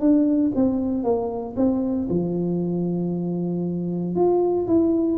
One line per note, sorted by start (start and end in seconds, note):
0.00 0.52 D4
0.55 1.03 C4
1.03 1.55 A#3
1.56 2.08 C4
2.09 4.15 F3
4.15 4.67 F4
4.67 5.18 E4